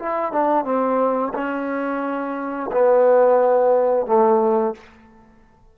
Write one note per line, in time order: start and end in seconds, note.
0.00 0.33 E4
0.33 0.65 D4
0.65 1.33 C4
1.35 2.71 C#4
2.72 4.07 B3
4.07 4.75 A3